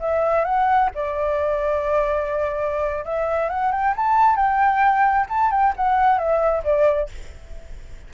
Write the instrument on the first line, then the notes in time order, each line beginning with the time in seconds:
flute
0.00 E5
0.45 F#5
0.95 D5
3.05 E5
3.50 F#5
3.72 G5
3.96 A5
4.36 G5
5.29 A5
5.51 G5
5.76 F#5
6.18 E5
6.64 D5